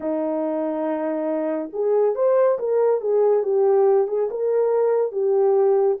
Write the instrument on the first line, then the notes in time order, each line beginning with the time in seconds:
horn
0.00 D#4
1.73 G#4
2.15 C5
2.58 A#4
3.00 G#4
3.43 G4
4.07 G#4
4.30 A#4
5.12 G4